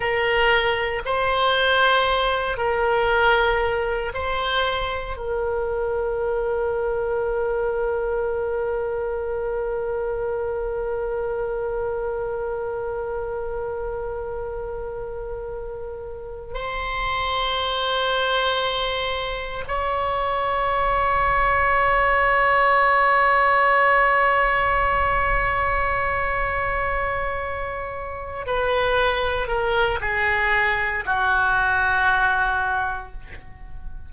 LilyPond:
\new Staff \with { instrumentName = "oboe" } { \time 4/4 \tempo 4 = 58 ais'4 c''4. ais'4. | c''4 ais'2.~ | ais'1~ | ais'1 |
c''2. cis''4~ | cis''1~ | cis''2.~ cis''8 b'8~ | b'8 ais'8 gis'4 fis'2 | }